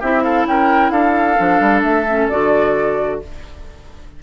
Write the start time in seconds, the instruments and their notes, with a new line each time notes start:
0.00 bassoon C4, clarinet E4, oboe G4, flute E5
0.24 oboe A4, flute F5
0.46 bassoon C#4, oboe A#4, flute G5
0.91 bassoon D4, oboe A4, flute F5
1.37 bassoon F3, clarinet D4
1.60 bassoon G3
1.83 bassoon A3, flute E5
2.09 clarinet C#4
2.29 bassoon D3, clarinet F#4, flute D5